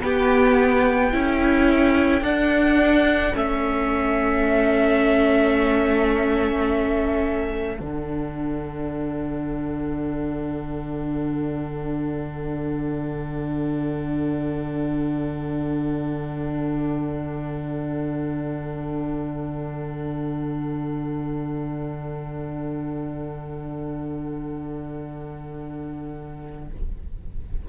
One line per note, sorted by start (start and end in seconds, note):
0.00 1.11 B3
0.00 1.13 B3
0.00 1.12 G4
0.00 2.23 G5
1.12 2.21 C#4
1.12 2.23 E4
1.12 26.68 A4
2.21 3.32 D4
2.21 3.33 D4
2.21 3.34 F#5
3.33 7.79 A3
3.33 7.77 C#4
3.33 7.77 E5
7.77 26.69 D3
7.77 26.69 D4
7.77 26.66 F#5